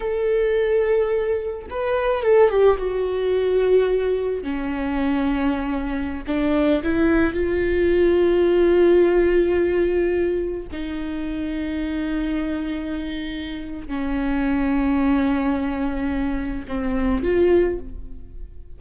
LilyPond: \new Staff \with { instrumentName = "viola" } { \time 4/4 \tempo 4 = 108 a'2. b'4 | a'8 g'8 fis'2. | cis'2.~ cis'16 d'8.~ | d'16 e'4 f'2~ f'8.~ |
f'2.~ f'16 dis'8.~ | dis'1~ | dis'4 cis'2.~ | cis'2 c'4 f'4 | }